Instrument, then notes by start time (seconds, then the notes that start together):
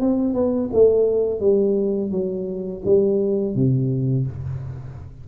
tuba
0.00 C4
0.34 B3
0.73 A3
1.40 G3
2.11 F#3
2.85 G3
3.55 C3